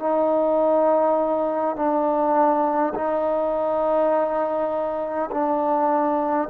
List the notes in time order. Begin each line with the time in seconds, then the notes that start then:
0.00 D#4
1.76 D4
2.95 D#4
5.32 D4